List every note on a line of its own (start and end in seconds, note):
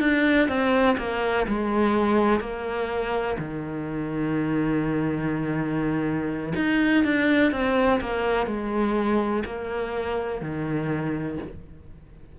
0.00 0.48 D4
0.48 0.97 C4
0.98 1.46 A#3
1.48 2.41 G#3
2.41 3.37 A#3
3.39 6.53 D#3
6.56 7.04 D#4
7.04 7.52 D4
7.52 8.01 C4
8.01 8.47 A#3
8.47 9.44 G#3
9.46 10.42 A#3
10.42 11.38 D#3